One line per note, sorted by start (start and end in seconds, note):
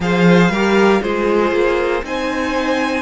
0.00 0.49 F3
0.00 0.51 G#4
0.00 0.50 C5
0.00 1.02 F5
0.49 0.99 G3
0.49 1.01 G4
0.49 1.01 A#4
1.01 1.51 G#3
1.01 2.02 F4
1.01 2.03 G#4
1.01 2.04 C5
1.51 2.02 A#3
2.03 3.02 C4
2.03 3.02 D#4
2.03 3.02 C5
2.03 3.02 G#5